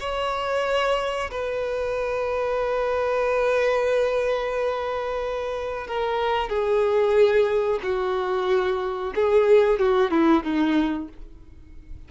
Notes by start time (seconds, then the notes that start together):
0.00 C#5
1.31 B4
5.87 A#4
6.49 G#4
7.83 F#4
9.15 G#4
9.79 F#4
10.11 E4
10.43 D#4